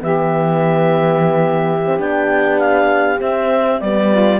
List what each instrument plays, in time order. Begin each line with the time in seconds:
0.00 cello E3, horn B3, saxophone G4, clarinet E5
1.86 horn C4
1.98 cello B3, horn D4, clarinet G5
2.60 clarinet F5
3.19 horn C4, cello C4, clarinet E5
3.81 cello G3, horn B3, clarinet D5
4.10 saxophone F4